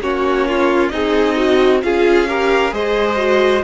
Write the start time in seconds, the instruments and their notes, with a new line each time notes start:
0.00 cello A#3, viola C#4, violin F#4 C#5
0.48 violin F4
0.88 cello C4, violin D#4 D#5, viola G#4
1.36 viola F#4
1.83 cello C#4, viola F4, violin G#4 F5
2.28 viola G4, violin A#4
2.71 cello G#3, viola G#4, violin C5 D#5
3.16 viola F#4